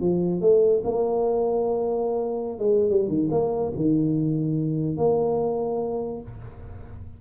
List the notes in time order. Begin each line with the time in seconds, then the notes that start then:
0.00 F3
0.41 A3
0.84 A#3
2.59 G#3
2.90 G3
3.08 D#3
3.31 A#3
3.76 D#3
4.97 A#3